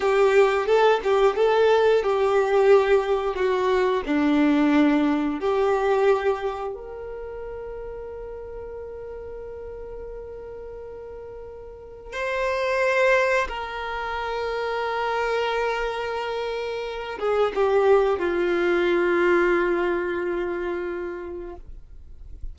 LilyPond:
\new Staff \with { instrumentName = "violin" } { \time 4/4 \tempo 4 = 89 g'4 a'8 g'8 a'4 g'4~ | g'4 fis'4 d'2 | g'2 ais'2~ | ais'1~ |
ais'2 c''2 | ais'1~ | ais'4. gis'8 g'4 f'4~ | f'1 | }